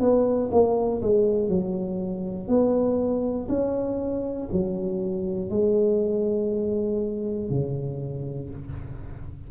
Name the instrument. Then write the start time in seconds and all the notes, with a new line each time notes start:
tuba
0.00 B3
0.52 A#3
1.02 G#3
1.49 F#3
2.48 B3
3.49 C#4
4.52 F#3
5.50 G#3
7.50 C#3